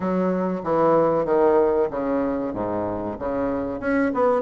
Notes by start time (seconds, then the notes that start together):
0.00 F#3
0.63 E3
1.25 D#3
1.90 C#3
2.53 G#2
3.19 C#3
3.80 C#4
4.14 B3